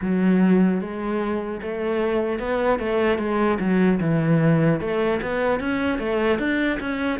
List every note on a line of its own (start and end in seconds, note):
0.01 0.80 F#3
0.80 1.60 G#3
1.62 2.39 A3
2.39 2.79 B3
2.79 3.18 A3
3.18 3.58 G#3
3.59 3.99 F#3
4.00 4.80 E3
4.80 5.20 A3
5.21 5.60 B3
5.60 5.99 C#4
5.99 6.38 A3
6.38 6.78 D4
6.80 7.19 C#4